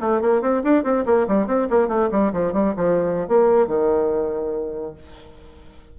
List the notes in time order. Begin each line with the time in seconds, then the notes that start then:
0.00 A3
0.21 A#3
0.41 C4
0.63 D4
0.83 C4
1.05 A#3
1.27 G3
1.47 C4
1.70 A#3
1.88 A3
2.11 G3
2.33 F3
2.52 G3
2.76 F3
3.28 A#3
3.67 D#3